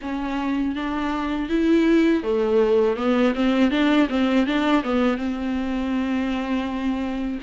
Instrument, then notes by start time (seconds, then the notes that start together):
viola
0.01 C#4
0.75 D4
1.48 E4
2.23 A3
2.96 B3
3.35 C4
3.70 D4
4.09 C4
4.46 D4
4.83 B3
5.17 C4